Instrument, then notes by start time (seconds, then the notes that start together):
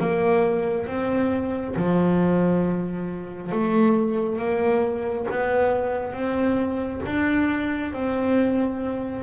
double bass
0.00 A#3
0.87 C4
1.76 F3
3.52 A3
4.39 A#3
5.31 B3
6.13 C4
7.06 D4
7.93 C4